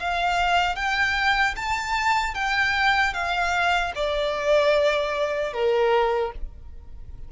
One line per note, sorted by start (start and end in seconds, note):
0.00 0.76 F5
0.76 1.55 G5
1.56 2.35 A5
2.35 3.14 G5
3.14 3.93 F5
3.95 5.53 D5
5.53 6.32 A#4